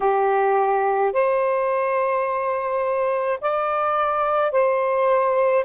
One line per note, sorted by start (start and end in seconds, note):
0.00 1.12 G4
1.12 3.39 C5
3.40 4.51 D5
4.51 5.64 C5